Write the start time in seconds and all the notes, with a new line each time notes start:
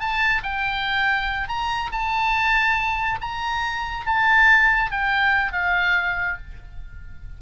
0.00 A5
0.43 G5
1.48 A#5
1.92 A5
3.21 A#5
4.06 A5
4.91 G5
5.52 F5